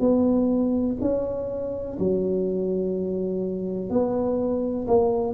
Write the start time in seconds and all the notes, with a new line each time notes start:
0.00 B3
1.01 C#4
1.99 F#3
3.90 B3
4.87 A#3